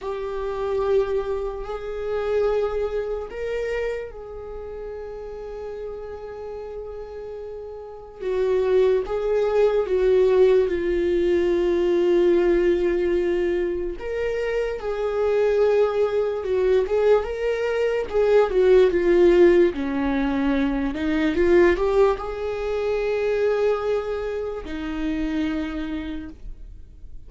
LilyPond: \new Staff \with { instrumentName = "viola" } { \time 4/4 \tempo 4 = 73 g'2 gis'2 | ais'4 gis'2.~ | gis'2 fis'4 gis'4 | fis'4 f'2.~ |
f'4 ais'4 gis'2 | fis'8 gis'8 ais'4 gis'8 fis'8 f'4 | cis'4. dis'8 f'8 g'8 gis'4~ | gis'2 dis'2 | }